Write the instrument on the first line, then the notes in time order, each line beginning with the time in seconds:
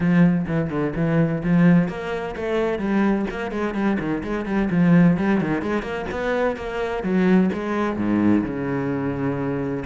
cello
0.00 F3
0.47 E3
0.70 D3
0.95 E3
1.43 F3
1.88 A#3
2.35 A3
2.78 G3
3.30 A#3
3.51 G#3
3.74 G3
3.99 D#3
4.23 G#3
4.45 G3
4.70 F3
5.17 G3
5.40 D#3
5.61 G#3
5.82 A#3
6.11 B3
6.56 A#3
7.03 F#3
7.53 G#3
7.96 G#2
8.44 C#3